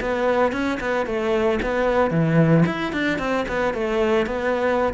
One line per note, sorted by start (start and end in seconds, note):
0.00 0.52 B3
0.52 0.79 C#4
0.80 1.06 B3
1.06 1.59 A3
1.62 2.10 B3
2.10 2.64 E3
2.66 2.92 E4
2.92 3.18 D4
3.18 3.45 C4
3.48 3.73 B3
3.73 4.26 A3
4.26 4.93 B3